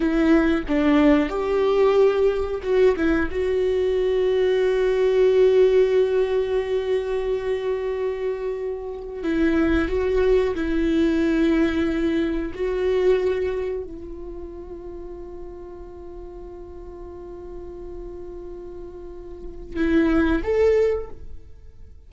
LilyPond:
\new Staff \with { instrumentName = "viola" } { \time 4/4 \tempo 4 = 91 e'4 d'4 g'2 | fis'8 e'8 fis'2.~ | fis'1~ | fis'2 e'4 fis'4 |
e'2. fis'4~ | fis'4 f'2.~ | f'1~ | f'2 e'4 a'4 | }